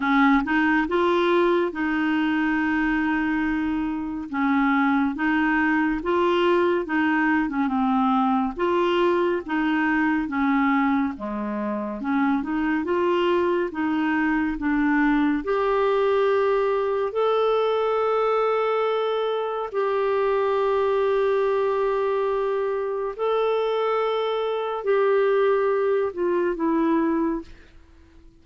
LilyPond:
\new Staff \with { instrumentName = "clarinet" } { \time 4/4 \tempo 4 = 70 cis'8 dis'8 f'4 dis'2~ | dis'4 cis'4 dis'4 f'4 | dis'8. cis'16 c'4 f'4 dis'4 | cis'4 gis4 cis'8 dis'8 f'4 |
dis'4 d'4 g'2 | a'2. g'4~ | g'2. a'4~ | a'4 g'4. f'8 e'4 | }